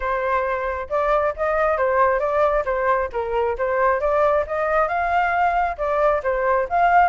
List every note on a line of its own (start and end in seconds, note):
0.00 0.87 C5
0.89 1.34 D5
1.36 1.77 D#5
1.77 2.19 C5
2.19 2.63 D5
2.65 3.09 C5
3.12 3.56 A#4
3.58 4.00 C5
4.00 4.44 D5
4.46 4.87 D#5
4.87 5.76 F5
5.77 6.21 D5
6.23 6.67 C5
6.69 7.08 F5